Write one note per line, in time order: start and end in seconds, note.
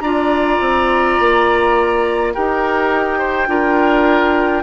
0.00 0.58 D4
0.00 2.34 F4
0.00 2.34 D5
0.00 2.31 A#5
0.60 1.18 C4
1.19 2.35 A#3
2.34 3.48 D#4
2.34 3.47 G4
2.34 3.18 A#4
2.34 4.63 G5
3.18 3.47 C5
3.47 4.63 D4
3.47 4.63 F4
3.47 4.63 A#4